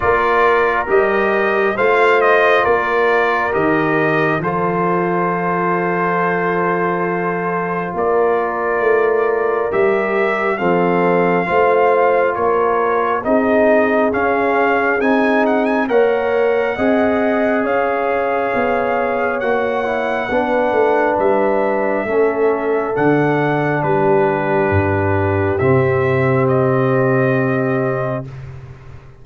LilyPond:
<<
  \new Staff \with { instrumentName = "trumpet" } { \time 4/4 \tempo 4 = 68 d''4 dis''4 f''8 dis''8 d''4 | dis''4 c''2.~ | c''4 d''2 e''4 | f''2 cis''4 dis''4 |
f''4 gis''8 fis''16 gis''16 fis''2 | f''2 fis''2 | e''2 fis''4 b'4~ | b'4 e''4 dis''2 | }
  \new Staff \with { instrumentName = "horn" } { \time 4/4 ais'2 c''4 ais'4~ | ais'4 a'2.~ | a'4 ais'2. | a'4 c''4 ais'4 gis'4~ |
gis'2 cis''4 dis''4 | cis''2. b'4~ | b'4 a'2 g'4~ | g'1 | }
  \new Staff \with { instrumentName = "trombone" } { \time 4/4 f'4 g'4 f'2 | g'4 f'2.~ | f'2. g'4 | c'4 f'2 dis'4 |
cis'4 dis'4 ais'4 gis'4~ | gis'2 fis'8 e'8 d'4~ | d'4 cis'4 d'2~ | d'4 c'2. | }
  \new Staff \with { instrumentName = "tuba" } { \time 4/4 ais4 g4 a4 ais4 | dis4 f2.~ | f4 ais4 a4 g4 | f4 a4 ais4 c'4 |
cis'4 c'4 ais4 c'4 | cis'4 b4 ais4 b8 a8 | g4 a4 d4 g4 | g,4 c2. | }
>>